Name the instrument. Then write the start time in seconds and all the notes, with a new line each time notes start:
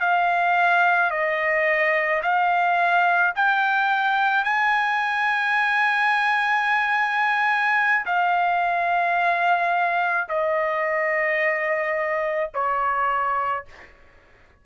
trumpet
0.00 F5
1.11 D#5
2.22 F5
3.35 G5
4.44 G#5
8.06 F5
10.28 D#5
12.54 C#5